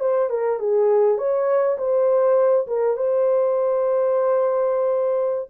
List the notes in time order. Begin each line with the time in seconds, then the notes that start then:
0.00 C5
0.30 A#4
0.59 G#4
1.18 C#5
1.78 C5
2.67 A#4
2.97 C5